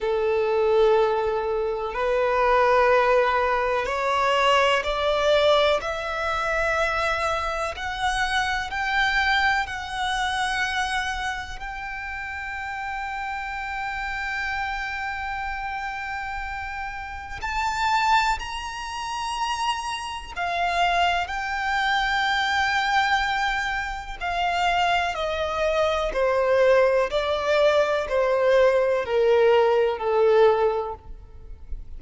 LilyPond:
\new Staff \with { instrumentName = "violin" } { \time 4/4 \tempo 4 = 62 a'2 b'2 | cis''4 d''4 e''2 | fis''4 g''4 fis''2 | g''1~ |
g''2 a''4 ais''4~ | ais''4 f''4 g''2~ | g''4 f''4 dis''4 c''4 | d''4 c''4 ais'4 a'4 | }